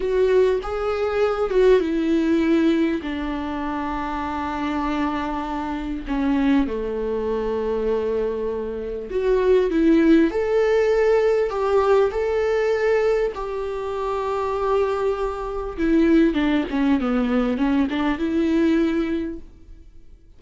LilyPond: \new Staff \with { instrumentName = "viola" } { \time 4/4 \tempo 4 = 99 fis'4 gis'4. fis'8 e'4~ | e'4 d'2.~ | d'2 cis'4 a4~ | a2. fis'4 |
e'4 a'2 g'4 | a'2 g'2~ | g'2 e'4 d'8 cis'8 | b4 cis'8 d'8 e'2 | }